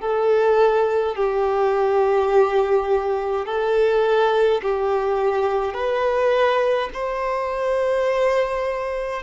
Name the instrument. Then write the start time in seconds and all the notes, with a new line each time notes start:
violin
0.00 A4
1.15 G4
3.46 A4
4.62 G4
5.74 B4
6.93 C5